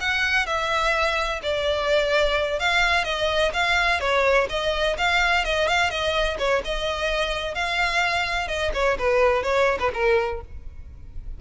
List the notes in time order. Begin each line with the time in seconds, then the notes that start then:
0.00 F#5
0.46 E5
1.42 D5
2.59 F5
3.04 D#5
3.53 F5
4.00 C#5
4.49 D#5
4.98 F5
5.45 D#5
5.68 F5
5.90 D#5
6.39 C#5
6.65 D#5
7.55 F5
8.48 D#5
8.74 C#5
8.98 B4
9.43 C#5
9.79 B4
9.94 A#4